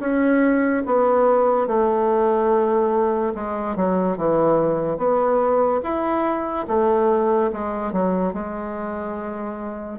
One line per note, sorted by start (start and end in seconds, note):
0.00 0.83 C#4
0.86 1.67 B3
1.67 3.34 A3
3.35 3.76 G#3
3.76 4.17 F#3
4.17 4.98 E3
4.98 5.81 B3
5.83 6.67 E4
6.67 7.51 A3
7.52 7.92 G#3
7.92 8.33 F#3
8.33 9.99 G#3